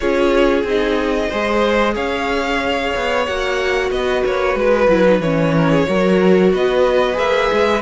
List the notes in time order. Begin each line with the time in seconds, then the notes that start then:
0.00 C#4 F4 G#4 C#5
0.63 C4 D#4 D#5
1.28 G#3 G#4 C5
1.94 C#4 C#5 F5
2.95 B3
3.25 A#3 F#4 F#5
3.90 B3 B4 D#5
4.25 A#3 C#5
4.54 G#3 B4
4.88 F#3 E4
5.04 D#4
5.20 E3 C#4 C#5
5.55 A#4
5.71 G#4
5.87 F#3 F#4 A#4
6.52 B3 B4 D#5
7.13 A#3 G#4 E5
7.52 G#3